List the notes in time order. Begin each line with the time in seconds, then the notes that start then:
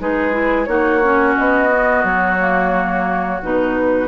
0.00 G#3 D#4 G#4 B4
0.32 E4
0.65 A#3 D#4 F#4 C#5
1.03 C#4
1.37 B3 D#5
1.69 B3
2.04 F#3 C#5
2.39 A#3
3.42 B2 D#4 B4